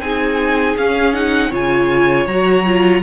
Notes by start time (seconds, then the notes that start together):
0.00 C4 D#4 G#4 G#5
0.77 C#4 F5
1.13 D#4 F#5
1.50 C#3 F4 C#5 G#5
2.26 F#3 F#4 A#5
2.66 F4